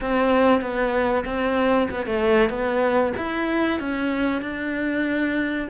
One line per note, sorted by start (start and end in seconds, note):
0.00 0.61 C4
0.61 1.24 B3
1.25 1.88 C4
1.90 2.06 B3
2.06 2.49 A3
2.49 3.13 B3
3.17 3.79 E4
3.79 4.41 C#4
4.41 5.68 D4